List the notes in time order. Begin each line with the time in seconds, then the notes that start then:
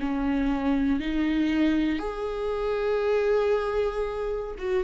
0.00 C#4
1.00 D#4
1.99 G#4
4.58 F#4